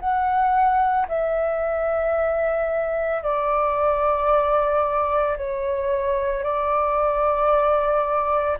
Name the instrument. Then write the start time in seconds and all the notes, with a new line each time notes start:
flute
0.00 F#5
1.08 E5
3.22 D5
5.37 C#5
6.43 D5